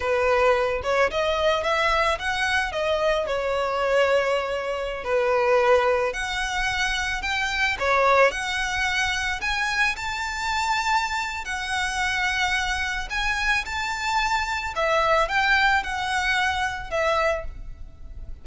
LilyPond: \new Staff \with { instrumentName = "violin" } { \time 4/4 \tempo 4 = 110 b'4. cis''8 dis''4 e''4 | fis''4 dis''4 cis''2~ | cis''4~ cis''16 b'2 fis''8.~ | fis''4~ fis''16 g''4 cis''4 fis''8.~ |
fis''4~ fis''16 gis''4 a''4.~ a''16~ | a''4 fis''2. | gis''4 a''2 e''4 | g''4 fis''2 e''4 | }